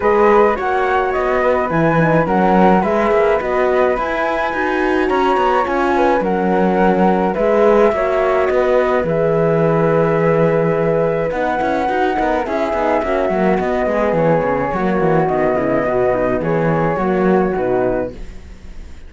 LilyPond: <<
  \new Staff \with { instrumentName = "flute" } { \time 4/4 \tempo 4 = 106 dis''4 fis''4 dis''4 gis''4 | fis''4 e''4 dis''4 gis''4~ | gis''4 ais''4 gis''4 fis''4~ | fis''4 e''2 dis''4 |
e''1 | fis''2 e''2 | dis''4 cis''2 dis''4~ | dis''4 cis''2 b'4 | }
  \new Staff \with { instrumentName = "flute" } { \time 4/4 b'4 cis''4. b'4. | ais'4 b'2.~ | b'4 cis''4. b'8 ais'4~ | ais'4 b'4 cis''4 b'4~ |
b'1~ | b'4. ais'8 gis'4 fis'4~ | fis'8 gis'4. fis'4. e'8 | fis'8 dis'8 gis'4 fis'2 | }
  \new Staff \with { instrumentName = "horn" } { \time 4/4 gis'4 fis'2 e'8 dis'8 | cis'4 gis'4 fis'4 e'4 | fis'2 f'4 cis'4~ | cis'4 gis'4 fis'2 |
gis'1 | dis'8 e'8 fis'8 dis'8 e'8 dis'8 cis'8 ais8 | b2 ais4 b4~ | b2 ais4 dis'4 | }
  \new Staff \with { instrumentName = "cello" } { \time 4/4 gis4 ais4 b4 e4 | fis4 gis8 ais8 b4 e'4 | dis'4 cis'8 b8 cis'4 fis4~ | fis4 gis4 ais4 b4 |
e1 | b8 cis'8 dis'8 b8 cis'8 b8 ais8 fis8 | b8 gis8 e8 cis8 fis8 e8 dis8 cis8 | b,4 e4 fis4 b,4 | }
>>